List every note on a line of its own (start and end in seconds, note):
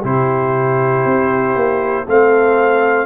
0.00 1.05 C3
0.00 2.06 E4
0.00 2.03 G4
0.00 2.09 C5
1.05 1.55 C4
1.55 2.06 A#3
2.06 3.06 A3
2.06 3.06 C4
2.06 3.06 A4
2.06 3.06 F5